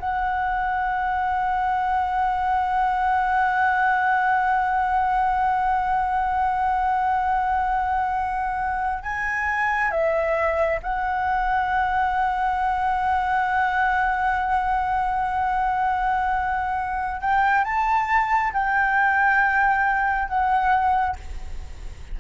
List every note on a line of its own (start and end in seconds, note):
0.00 9.04 F#5
9.04 9.91 G#5
9.91 10.80 E5
10.83 17.21 F#5
17.21 17.64 G5
17.64 18.53 A5
18.53 20.29 G5
20.29 21.17 F#5